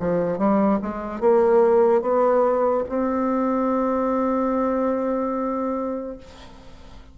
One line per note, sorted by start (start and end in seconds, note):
0.00 0.38 F3
0.38 0.80 G3
0.82 1.21 G#3
1.21 2.02 A#3
2.02 2.84 B3
2.89 6.18 C4